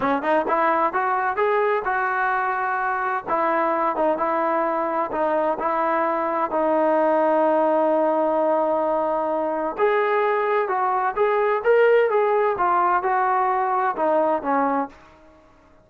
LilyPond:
\new Staff \with { instrumentName = "trombone" } { \time 4/4 \tempo 4 = 129 cis'8 dis'8 e'4 fis'4 gis'4 | fis'2. e'4~ | e'8 dis'8 e'2 dis'4 | e'2 dis'2~ |
dis'1~ | dis'4 gis'2 fis'4 | gis'4 ais'4 gis'4 f'4 | fis'2 dis'4 cis'4 | }